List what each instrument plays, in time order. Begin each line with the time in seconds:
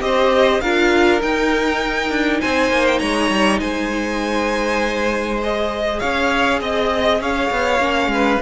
0.00 cello C4, viola G4, violin C5 D#5
0.60 cello D4, viola F4, violin A#4 F5
1.21 viola D#4, cello D#4, violin G5
2.10 cello D4
2.41 cello C4, violin C5 G#5
2.70 cello A#3
2.87 violin G5
2.99 cello G#3, violin C#5 A#5
3.30 cello G3
3.60 cello G#3, violin C5 G#5
5.42 viola G#4, violin D#5
6.00 cello C#4, violin C#5 F5
6.60 cello C4, violin D#5
7.20 cello C#4, violin C#5 F5
7.51 cello B3
7.80 cello A#3, viola C#4
8.07 cello G#3, violin B4